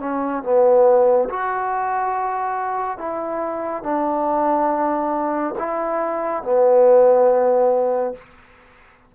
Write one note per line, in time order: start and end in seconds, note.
0.00 0.43 C#4
0.43 1.29 B3
1.29 2.98 F#4
2.98 3.83 E4
3.83 5.55 D4
5.59 6.43 E4
6.43 8.15 B3